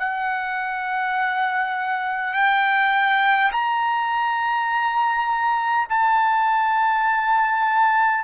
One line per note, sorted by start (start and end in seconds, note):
0.00 2.34 F#5
2.34 3.52 G5
3.53 5.88 A#5
5.90 8.25 A5